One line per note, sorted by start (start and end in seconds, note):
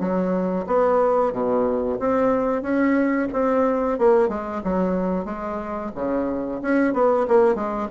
0.00 0.66 F#3
0.67 1.33 B3
1.33 1.99 B2
2.00 2.63 C4
2.63 3.28 C#4
3.33 3.99 C4
3.99 4.29 A#3
4.29 4.62 G#3
4.64 5.25 F#3
5.25 5.91 G#3
5.95 6.61 C#3
6.62 6.94 C#4
6.94 7.27 B3
7.28 7.56 A#3
7.56 7.89 G#3